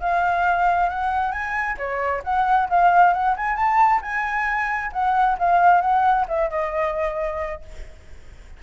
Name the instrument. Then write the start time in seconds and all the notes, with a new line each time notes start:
flute
0.00 F5
0.89 F#5
1.32 G#5
1.77 C#5
2.23 F#5
2.69 F5
3.13 F#5
3.36 G#5
3.56 A5
4.02 G#5
4.92 F#5
5.39 F5
5.81 F#5
6.28 E5
6.50 D#5